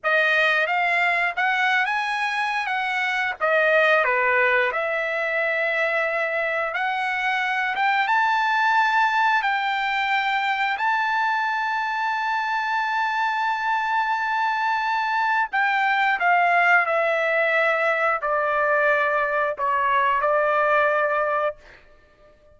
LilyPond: \new Staff \with { instrumentName = "trumpet" } { \time 4/4 \tempo 4 = 89 dis''4 f''4 fis''8. gis''4~ gis''16 | fis''4 dis''4 b'4 e''4~ | e''2 fis''4. g''8 | a''2 g''2 |
a''1~ | a''2. g''4 | f''4 e''2 d''4~ | d''4 cis''4 d''2 | }